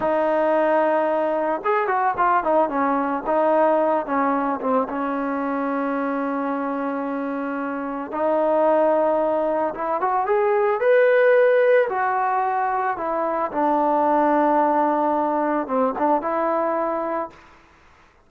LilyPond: \new Staff \with { instrumentName = "trombone" } { \time 4/4 \tempo 4 = 111 dis'2. gis'8 fis'8 | f'8 dis'8 cis'4 dis'4. cis'8~ | cis'8 c'8 cis'2.~ | cis'2. dis'4~ |
dis'2 e'8 fis'8 gis'4 | b'2 fis'2 | e'4 d'2.~ | d'4 c'8 d'8 e'2 | }